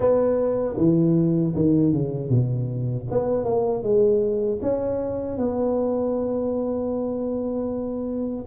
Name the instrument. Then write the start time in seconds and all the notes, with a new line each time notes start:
tuba
0.00 B3
0.76 E3
1.55 D#3
1.92 C#3
2.29 B2
3.10 B3
3.44 A#3
3.83 G#3
4.62 C#4
5.37 B3